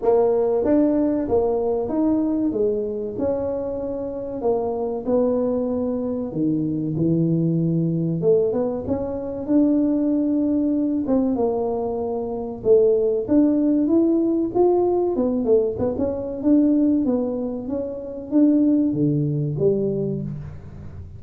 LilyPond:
\new Staff \with { instrumentName = "tuba" } { \time 4/4 \tempo 4 = 95 ais4 d'4 ais4 dis'4 | gis4 cis'2 ais4 | b2 dis4 e4~ | e4 a8 b8 cis'4 d'4~ |
d'4. c'8 ais2 | a4 d'4 e'4 f'4 | b8 a8 b16 cis'8. d'4 b4 | cis'4 d'4 d4 g4 | }